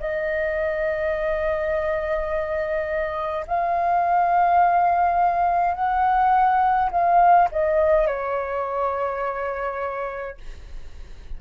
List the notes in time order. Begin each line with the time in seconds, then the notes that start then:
0.00 D#5
3.48 F5
5.75 F#5
6.91 F5
7.52 D#5
8.07 C#5